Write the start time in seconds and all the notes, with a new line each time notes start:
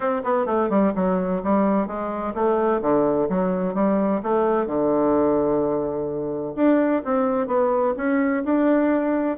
0.00 C4
0.23 B3
0.46 A3
0.69 G3
0.95 F#3
1.43 G3
1.87 G#3
2.34 A3
2.81 D3
3.29 F#3
3.74 G3
4.23 A3
4.66 D3
6.55 D4
7.04 C4
7.47 B3
7.96 C#4
8.44 D4